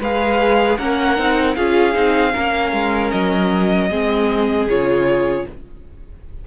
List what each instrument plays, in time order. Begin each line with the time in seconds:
0.00 cello G#3, viola G#4, violin B4 F5
0.78 cello A#3, viola C#4, violin A#4 F#5
1.16 cello C4, viola D#4
1.55 cello C#4, viola F4, violin G#4 F5
1.93 cello C4, viola D#4
2.33 cello A#3, viola C#4, violin A#4
2.72 cello G#3
3.11 cello F#3, violin D#5
3.90 cello G#3, viola C4, violin G#4
4.67 cello C#3, viola F4, violin C#5